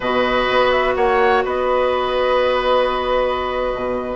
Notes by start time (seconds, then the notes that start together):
0.00 B2 F#4 B4 D#5
0.49 B3
0.70 E5
0.95 A#3 C#5 F#5
1.44 B3 B4 D#5
3.75 B2